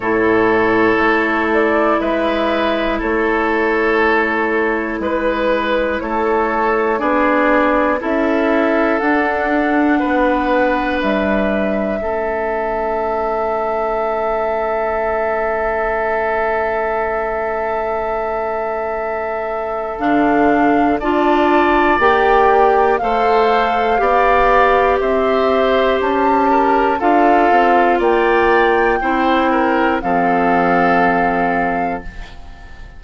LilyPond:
<<
  \new Staff \with { instrumentName = "flute" } { \time 4/4 \tempo 4 = 60 cis''4. d''8 e''4 cis''4~ | cis''4 b'4 cis''4 d''4 | e''4 fis''2 e''4~ | e''1~ |
e''1 | f''4 a''4 g''4 f''4~ | f''4 e''4 a''4 f''4 | g''2 f''2 | }
  \new Staff \with { instrumentName = "oboe" } { \time 4/4 a'2 b'4 a'4~ | a'4 b'4 a'4 gis'4 | a'2 b'2 | a'1~ |
a'1~ | a'4 d''2 c''4 | d''4 c''4. ais'8 a'4 | d''4 c''8 ais'8 a'2 | }
  \new Staff \with { instrumentName = "clarinet" } { \time 4/4 e'1~ | e'2. d'4 | e'4 d'2. | cis'1~ |
cis'1 | d'4 f'4 g'4 a'4 | g'2. f'4~ | f'4 e'4 c'2 | }
  \new Staff \with { instrumentName = "bassoon" } { \time 4/4 a,4 a4 gis4 a4~ | a4 gis4 a4 b4 | cis'4 d'4 b4 g4 | a1~ |
a1 | d4 d'4 ais4 a4 | b4 c'4 cis'4 d'8 c'8 | ais4 c'4 f2 | }
>>